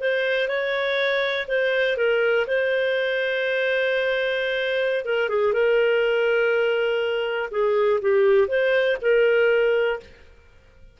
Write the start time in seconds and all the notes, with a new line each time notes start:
0.00 C5
0.48 C#5
1.48 C5
1.97 A#4
2.47 C5
5.05 A#4
5.29 G#4
5.53 A#4
7.51 G#4
8.01 G4
8.47 C5
9.01 A#4